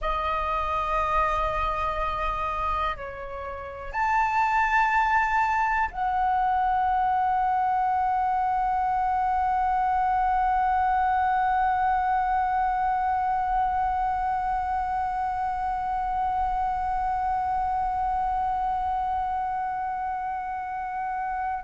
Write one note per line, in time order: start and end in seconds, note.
0.00 2.96 D#5
2.96 3.92 C#5
3.92 5.89 A5
5.91 21.64 F#5